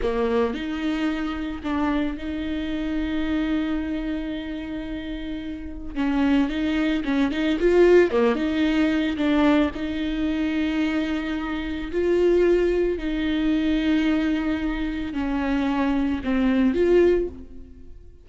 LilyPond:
\new Staff \with { instrumentName = "viola" } { \time 4/4 \tempo 4 = 111 ais4 dis'2 d'4 | dis'1~ | dis'2. cis'4 | dis'4 cis'8 dis'8 f'4 ais8 dis'8~ |
dis'4 d'4 dis'2~ | dis'2 f'2 | dis'1 | cis'2 c'4 f'4 | }